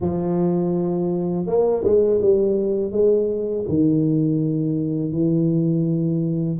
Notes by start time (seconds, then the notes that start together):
0.00 F3
1.46 A#3
1.84 G#3
2.21 G3
2.91 G#3
3.68 D#3
5.12 E3